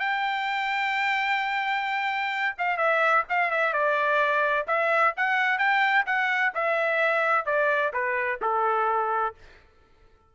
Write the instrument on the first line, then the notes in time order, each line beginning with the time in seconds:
trumpet
0.00 G5
2.58 F5
2.77 E5
3.29 F5
3.51 E5
3.73 D5
4.68 E5
5.17 F#5
5.59 G5
6.06 F#5
6.55 E5
7.46 D5
7.93 B4
8.42 A4